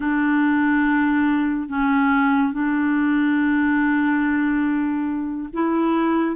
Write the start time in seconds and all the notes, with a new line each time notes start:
0.00 D4
1.68 C#4
2.52 D4
5.53 E4